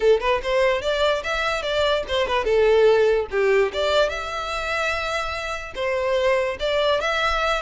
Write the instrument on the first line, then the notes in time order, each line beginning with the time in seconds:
violin
0.00 A4
0.20 B4
0.42 C5
0.81 D5
1.23 E5
1.62 D5
2.08 C5
2.27 B4
2.44 A4
3.31 G4
3.73 D5
4.09 E5
5.75 C5
6.59 D5
7.00 E5